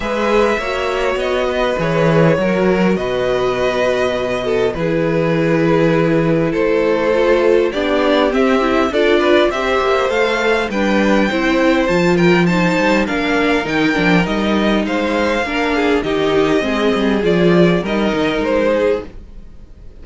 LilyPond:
<<
  \new Staff \with { instrumentName = "violin" } { \time 4/4 \tempo 4 = 101 e''2 dis''4 cis''4~ | cis''4 dis''2. | b'2. c''4~ | c''4 d''4 e''4 d''4 |
e''4 f''4 g''2 | a''8 g''8 a''4 f''4 g''4 | dis''4 f''2 dis''4~ | dis''4 d''4 dis''4 c''4 | }
  \new Staff \with { instrumentName = "violin" } { \time 4/4 b'4 cis''4. b'4. | ais'4 b'2~ b'8 a'8 | gis'2. a'4~ | a'4 g'2 a'8 b'8 |
c''2 b'4 c''4~ | c''8 ais'8 c''4 ais'2~ | ais'4 c''4 ais'8 gis'8 g'4 | gis'2 ais'4. gis'8 | }
  \new Staff \with { instrumentName = "viola" } { \time 4/4 gis'4 fis'2 gis'4 | fis'1 | e'1 | f'4 d'4 c'8 e'8 f'4 |
g'4 a'4 d'4 e'4 | f'4 dis'4 d'4 dis'8 d'8 | dis'2 d'4 dis'4 | c'4 f'4 dis'2 | }
  \new Staff \with { instrumentName = "cello" } { \time 4/4 gis4 ais4 b4 e4 | fis4 b,2. | e2. a4~ | a4 b4 c'4 d'4 |
c'8 ais8 a4 g4 c'4 | f4. g8 ais4 dis8 f8 | g4 gis4 ais4 dis4 | gis8 g8 f4 g8 dis8 gis4 | }
>>